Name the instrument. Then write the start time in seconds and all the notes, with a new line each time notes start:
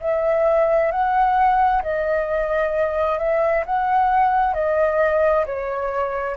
flute
0.00 E5
0.91 F#5
1.82 D#5
3.18 E5
3.65 F#5
4.54 D#5
5.45 C#5